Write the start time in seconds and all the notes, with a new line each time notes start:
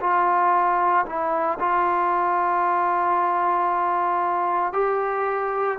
0.00 F4
1.05 E4
1.59 F4
4.73 G4